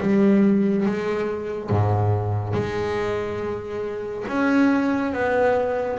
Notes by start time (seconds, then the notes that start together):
0.00 G3
0.86 G#3
1.70 G#2
2.53 G#3
4.28 C#4
5.13 B3